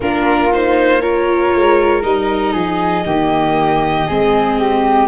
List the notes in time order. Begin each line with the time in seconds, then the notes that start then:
0.00 A#3 D4 F4 A#4
0.52 D#4 C5
1.00 F4 A#4 C#5
1.54 G#3
2.02 G3 D#4 D#5
2.52 F3 G#4
3.05 D#3 A#3 G4
4.07 G#3 C4 G#4
4.59 G4